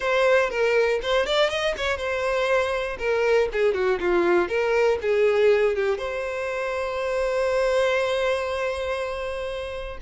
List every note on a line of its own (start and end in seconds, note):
0.00 0.50 C5
0.50 1.00 A#4
1.02 1.25 C5
1.25 1.49 D5
1.49 1.74 D#5
1.77 1.97 C#5
1.97 2.97 C5
2.98 3.48 A#4
3.52 3.74 G#4
3.74 3.99 F#4
4.00 4.48 F4
4.48 4.98 A#4
5.01 5.75 G#4
5.75 5.98 G4
5.98 9.98 C5